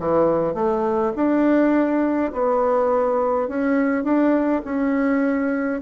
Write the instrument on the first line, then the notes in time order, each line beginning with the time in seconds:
bassoon
0.00 E3
0.55 A3
1.16 D4
2.33 B3
3.49 C#4
4.04 D4
4.65 C#4